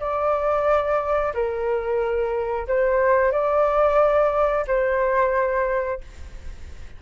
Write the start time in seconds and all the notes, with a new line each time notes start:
0.00 D5
1.34 A#4
2.68 C5
3.32 D5
4.68 C5